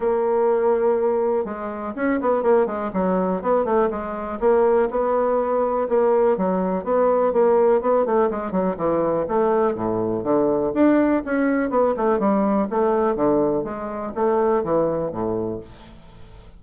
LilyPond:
\new Staff \with { instrumentName = "bassoon" } { \time 4/4 \tempo 4 = 123 ais2. gis4 | cis'8 b8 ais8 gis8 fis4 b8 a8 | gis4 ais4 b2 | ais4 fis4 b4 ais4 |
b8 a8 gis8 fis8 e4 a4 | a,4 d4 d'4 cis'4 | b8 a8 g4 a4 d4 | gis4 a4 e4 a,4 | }